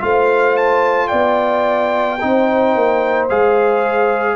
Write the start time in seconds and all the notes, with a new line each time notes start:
0.00 A3 F4 C5 F5
0.57 A5
1.07 B3 D5 G5
2.20 C4 D#4 C5
2.75 A#3
3.29 G#3 G#4 F5